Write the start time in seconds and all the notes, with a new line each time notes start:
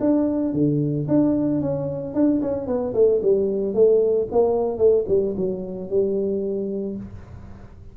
0.00 D4
0.53 D3
1.08 D4
1.61 C#4
2.15 D4
2.42 C#4
2.67 B3
2.94 A3
3.22 G3
3.74 A3
4.32 A#3
4.78 A3
5.08 G3
5.37 F#3
5.90 G3